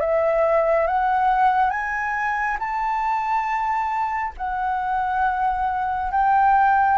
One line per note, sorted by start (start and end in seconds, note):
0.00 0.87 E5
0.87 1.70 F#5
1.70 2.57 G#5
2.59 4.33 A5
4.37 6.11 F#5
6.11 6.97 G5